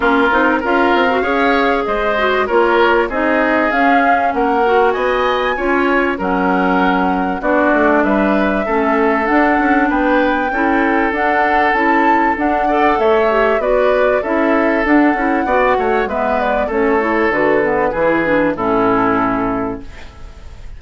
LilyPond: <<
  \new Staff \with { instrumentName = "flute" } { \time 4/4 \tempo 4 = 97 ais'4 f''2 dis''4 | cis''4 dis''4 f''4 fis''4 | gis''2 fis''2 | d''4 e''2 fis''4 |
g''2 fis''4 a''4 | fis''4 e''4 d''4 e''4 | fis''2 e''8 d''8 cis''4 | b'2 a'2 | }
  \new Staff \with { instrumentName = "oboe" } { \time 4/4 f'4 ais'4 cis''4 c''4 | ais'4 gis'2 ais'4 | dis''4 cis''4 ais'2 | fis'4 b'4 a'2 |
b'4 a'2.~ | a'8 d''8 cis''4 b'4 a'4~ | a'4 d''8 cis''8 b'4 a'4~ | a'4 gis'4 e'2 | }
  \new Staff \with { instrumentName = "clarinet" } { \time 4/4 cis'8 dis'8 f'8. fis'16 gis'4. fis'8 | f'4 dis'4 cis'4. fis'8~ | fis'4 f'4 cis'2 | d'2 cis'4 d'4~ |
d'4 e'4 d'4 e'4 | d'8 a'4 g'8 fis'4 e'4 | d'8 e'8 fis'4 b4 cis'8 e'8 | fis'8 b8 e'8 d'8 cis'2 | }
  \new Staff \with { instrumentName = "bassoon" } { \time 4/4 ais8 c'8 cis'8 c'8 cis'4 gis4 | ais4 c'4 cis'4 ais4 | b4 cis'4 fis2 | b8 a8 g4 a4 d'8 cis'8 |
b4 cis'4 d'4 cis'4 | d'4 a4 b4 cis'4 | d'8 cis'8 b8 a8 gis4 a4 | d4 e4 a,2 | }
>>